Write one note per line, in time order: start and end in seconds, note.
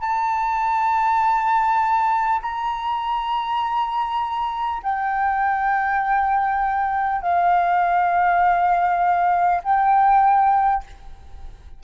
0.00 2.40 A5
2.42 4.82 A#5
4.83 7.22 G5
7.22 9.62 F5
9.63 10.83 G5